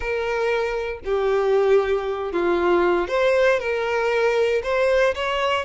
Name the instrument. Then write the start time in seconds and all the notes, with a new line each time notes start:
violin
0.00 A#4
1.05 G4
2.32 F4
3.08 C5
3.59 A#4
4.63 C5
5.14 C#5